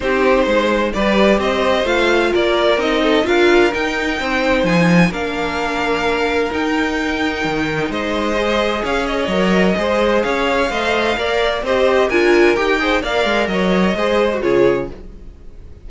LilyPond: <<
  \new Staff \with { instrumentName = "violin" } { \time 4/4 \tempo 4 = 129 c''2 d''4 dis''4 | f''4 d''4 dis''4 f''4 | g''2 gis''4 f''4~ | f''2 g''2~ |
g''4 dis''2 f''8 dis''8~ | dis''2 f''2~ | f''4 dis''4 gis''4 g''4 | f''4 dis''2 cis''4 | }
  \new Staff \with { instrumentName = "violin" } { \time 4/4 g'4 c''4 b'4 c''4~ | c''4 ais'4. a'8 ais'4~ | ais'4 c''2 ais'4~ | ais'1~ |
ais'4 c''2 cis''4~ | cis''4 c''4 cis''4 dis''4 | d''4 c''4 ais'4. c''8 | d''4 cis''4 c''4 gis'4 | }
  \new Staff \with { instrumentName = "viola" } { \time 4/4 dis'2 g'2 | f'2 dis'4 f'4 | dis'2. d'4~ | d'2 dis'2~ |
dis'2 gis'2 | ais'4 gis'2 c''4 | ais'4 g'4 f'4 g'8 gis'8 | ais'2 gis'8. fis'16 f'4 | }
  \new Staff \with { instrumentName = "cello" } { \time 4/4 c'4 gis4 g4 c'4 | a4 ais4 c'4 d'4 | dis'4 c'4 f4 ais4~ | ais2 dis'2 |
dis4 gis2 cis'4 | fis4 gis4 cis'4 a4 | ais4 c'4 d'4 dis'4 | ais8 gis8 fis4 gis4 cis4 | }
>>